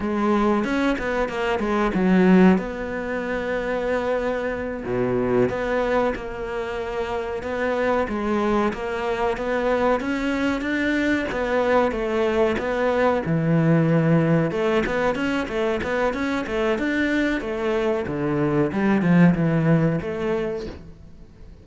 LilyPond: \new Staff \with { instrumentName = "cello" } { \time 4/4 \tempo 4 = 93 gis4 cis'8 b8 ais8 gis8 fis4 | b2.~ b8 b,8~ | b,8 b4 ais2 b8~ | b8 gis4 ais4 b4 cis'8~ |
cis'8 d'4 b4 a4 b8~ | b8 e2 a8 b8 cis'8 | a8 b8 cis'8 a8 d'4 a4 | d4 g8 f8 e4 a4 | }